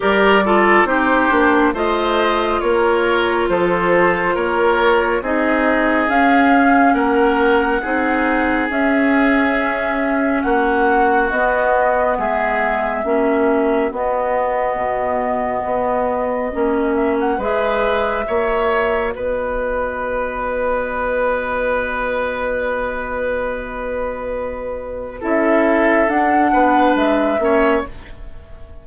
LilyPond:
<<
  \new Staff \with { instrumentName = "flute" } { \time 4/4 \tempo 4 = 69 d''4 c''4 dis''4 cis''4 | c''4 cis''4 dis''4 f''4 | fis''2 e''2 | fis''4 dis''4 e''2 |
dis''2.~ dis''8 e''16 fis''16 | e''2 dis''2~ | dis''1~ | dis''4 e''4 fis''4 e''4 | }
  \new Staff \with { instrumentName = "oboe" } { \time 4/4 ais'8 a'8 g'4 c''4 ais'4 | a'4 ais'4 gis'2 | ais'4 gis'2. | fis'2 gis'4 fis'4~ |
fis'1 | b'4 cis''4 b'2~ | b'1~ | b'4 a'4. b'4 cis''8 | }
  \new Staff \with { instrumentName = "clarinet" } { \time 4/4 g'8 f'8 dis'8 d'8 f'2~ | f'2 dis'4 cis'4~ | cis'4 dis'4 cis'2~ | cis'4 b2 cis'4 |
b2. cis'4 | gis'4 fis'2.~ | fis'1~ | fis'4 e'4 d'4. cis'8 | }
  \new Staff \with { instrumentName = "bassoon" } { \time 4/4 g4 c'8 ais8 a4 ais4 | f4 ais4 c'4 cis'4 | ais4 c'4 cis'2 | ais4 b4 gis4 ais4 |
b4 b,4 b4 ais4 | gis4 ais4 b2~ | b1~ | b4 cis'4 d'8 b8 gis8 ais8 | }
>>